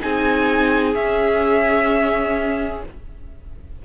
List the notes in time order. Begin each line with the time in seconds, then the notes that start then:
0.00 C4 D#4 G#4 G#5
0.94 C#4 E5